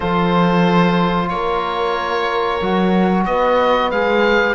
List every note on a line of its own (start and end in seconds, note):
0.00 1.29 F3
0.00 2.61 F4
0.00 1.28 A4
0.00 1.28 C5
1.28 2.60 A#3
1.28 3.27 A#4
1.28 3.24 C#5
2.61 3.26 F#3
2.61 3.92 F#4
3.25 3.91 B3
3.25 4.54 B4
3.25 3.90 D#5
3.90 4.54 G#3
3.90 4.54 G#4
3.90 4.54 F5